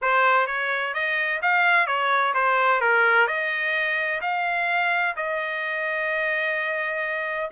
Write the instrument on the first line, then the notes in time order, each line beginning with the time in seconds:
trumpet
0.01 C5
0.47 C#5
0.94 D#5
1.42 F5
1.86 C#5
2.34 C5
2.81 A#4
3.27 D#5
4.21 F5
5.16 D#5